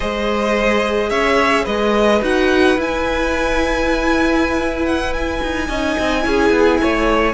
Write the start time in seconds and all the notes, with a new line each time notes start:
0.00 G#3 G#4 C5 D#5
1.09 C#4 C#5 E5
1.64 G#3 B4 D#5
2.21 D#4 F#4 F#5
2.76 E4 G#5
4.85 F#5
5.13 G#5
5.42 D#4
5.68 C#4 D#4 D#5
5.98 C4
6.21 C#4 E4 G#4
6.50 B3
6.81 A3 C#5